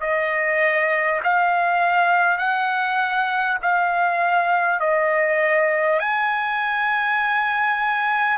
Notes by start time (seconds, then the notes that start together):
0.00 D#5
1.23 F5
2.38 F#5
3.62 F5
4.80 D#5
5.99 G#5